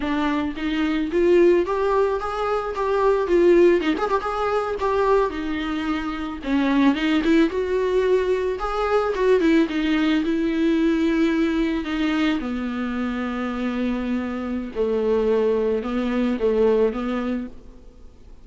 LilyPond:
\new Staff \with { instrumentName = "viola" } { \time 4/4 \tempo 4 = 110 d'4 dis'4 f'4 g'4 | gis'4 g'4 f'4 dis'16 gis'16 g'16 gis'16~ | gis'8. g'4 dis'2 cis'16~ | cis'8. dis'8 e'8 fis'2 gis'16~ |
gis'8. fis'8 e'8 dis'4 e'4~ e'16~ | e'4.~ e'16 dis'4 b4~ b16~ | b2. a4~ | a4 b4 a4 b4 | }